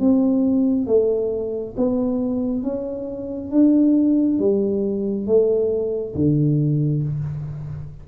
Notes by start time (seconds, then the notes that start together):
0.00 C4
0.87 A3
1.77 B3
2.63 C#4
3.51 D4
4.39 G3
5.27 A3
6.15 D3